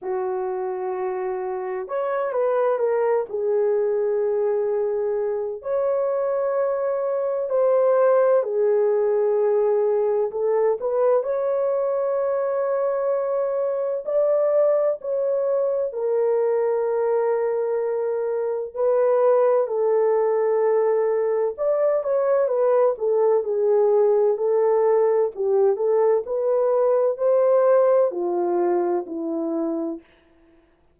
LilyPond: \new Staff \with { instrumentName = "horn" } { \time 4/4 \tempo 4 = 64 fis'2 cis''8 b'8 ais'8 gis'8~ | gis'2 cis''2 | c''4 gis'2 a'8 b'8 | cis''2. d''4 |
cis''4 ais'2. | b'4 a'2 d''8 cis''8 | b'8 a'8 gis'4 a'4 g'8 a'8 | b'4 c''4 f'4 e'4 | }